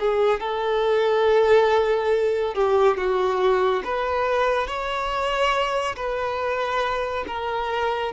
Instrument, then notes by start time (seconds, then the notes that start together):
violin
0.00 G#4
0.41 A4
2.55 G4
2.98 F#4
3.85 B4
4.68 C#5
5.96 B4
7.28 A#4